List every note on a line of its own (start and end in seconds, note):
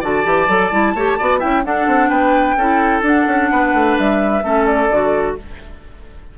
0.00 0.25 D3
0.00 0.23 F#4
0.00 0.93 D5
0.00 1.40 A5
0.23 0.48 E3
0.23 0.47 G4
0.48 0.71 F#3
0.48 0.71 A4
0.71 0.94 G3
0.71 0.95 E4
0.94 1.17 A3
0.94 1.19 G4
0.94 1.18 C#5
1.18 1.43 B3
1.18 1.39 F#4
1.18 1.39 D5
1.39 1.65 C#4
1.39 1.62 E4
1.39 1.62 E5
1.39 1.63 G5
1.64 1.87 D4
1.64 2.58 D4
1.64 2.09 A4
1.64 2.09 F#5
1.87 2.10 C4
2.09 2.56 B3
2.09 2.55 B4
2.09 3.02 G5
2.56 3.02 C#4
2.56 3.03 E4
2.56 3.50 A4
3.02 3.25 D4
3.02 4.42 D4
3.02 3.98 F#5
3.27 3.51 C#4
3.51 3.73 B3
3.51 4.44 B4
3.73 3.97 A3
3.98 4.43 G3
3.98 4.66 E5
4.43 4.89 A3
4.43 4.89 C#4
4.43 5.37 A4
4.66 5.35 D5
4.90 5.36 D3
4.90 5.38 F#4